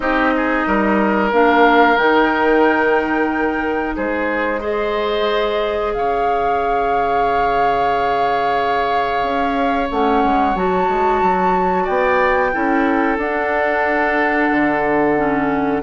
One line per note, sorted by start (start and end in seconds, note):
0.00 0.64 C4
0.00 1.30 D#4
0.00 0.34 G4
0.00 1.30 D#5
0.36 0.67 G#4
0.66 1.32 G3
0.66 3.95 A#4
1.32 1.97 A#3
1.32 1.97 D4
1.32 1.97 F5
1.97 3.95 D#3
1.97 4.59 D#4
1.97 3.95 G5
3.95 5.94 G#3
3.95 4.60 G#4
3.95 4.61 C5
4.59 9.87 G#4
4.59 5.92 C5
4.59 5.93 D#5
5.93 9.23 C#3
5.93 11.84 C#5
5.93 9.89 F5
9.23 9.89 C#4
9.89 10.23 A3
9.89 10.55 C#4
9.89 10.55 F#5
10.23 10.55 G#3
10.55 10.88 F#3
10.55 12.52 F#4
10.55 11.86 A5
10.88 11.21 G#3
11.21 11.87 F#3
11.84 12.54 B3
11.84 12.50 D5
11.84 13.17 G5
12.52 13.17 C#4
12.52 13.18 E4
12.52 15.82 A4
13.17 14.49 D4
13.17 15.16 D4
13.17 15.82 F#5
14.51 15.82 D3
15.16 15.82 C#4